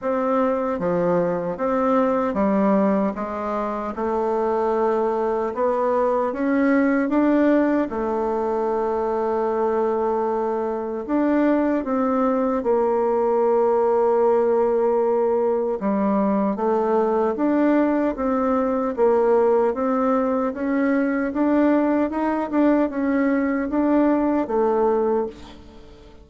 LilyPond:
\new Staff \with { instrumentName = "bassoon" } { \time 4/4 \tempo 4 = 76 c'4 f4 c'4 g4 | gis4 a2 b4 | cis'4 d'4 a2~ | a2 d'4 c'4 |
ais1 | g4 a4 d'4 c'4 | ais4 c'4 cis'4 d'4 | dis'8 d'8 cis'4 d'4 a4 | }